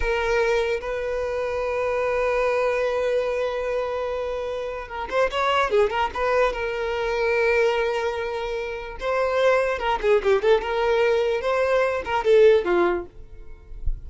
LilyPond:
\new Staff \with { instrumentName = "violin" } { \time 4/4 \tempo 4 = 147 ais'2 b'2~ | b'1~ | b'1 | ais'8 c''8 cis''4 gis'8 ais'8 b'4 |
ais'1~ | ais'2 c''2 | ais'8 gis'8 g'8 a'8 ais'2 | c''4. ais'8 a'4 f'4 | }